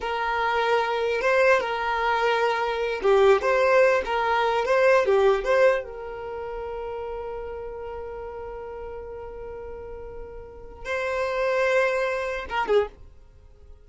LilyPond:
\new Staff \with { instrumentName = "violin" } { \time 4/4 \tempo 4 = 149 ais'2. c''4 | ais'2.~ ais'8 g'8~ | g'8 c''4. ais'4. c''8~ | c''8 g'4 c''4 ais'4.~ |
ais'1~ | ais'1~ | ais'2. c''4~ | c''2. ais'8 gis'8 | }